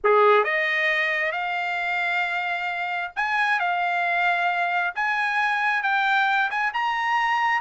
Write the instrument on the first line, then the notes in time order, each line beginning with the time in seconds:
trumpet
0.04 G#4
0.44 D#5
1.31 F5
3.16 G#5
3.59 F5
4.95 G#5
5.82 G5
6.50 G#5
6.73 A#5